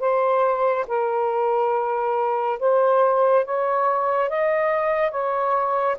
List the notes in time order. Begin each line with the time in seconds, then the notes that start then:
0.00 C5
0.88 A#4
2.59 C5
3.46 C#5
4.30 D#5
5.11 C#5